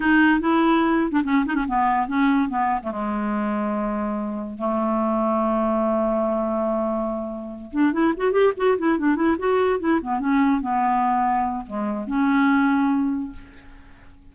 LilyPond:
\new Staff \with { instrumentName = "clarinet" } { \time 4/4 \tempo 4 = 144 dis'4 e'4.~ e'16 d'16 cis'8 dis'16 cis'16 | b4 cis'4 b8. a16 gis4~ | gis2. a4~ | a1~ |
a2~ a8 d'8 e'8 fis'8 | g'8 fis'8 e'8 d'8 e'8 fis'4 e'8 | b8 cis'4 b2~ b8 | gis4 cis'2. | }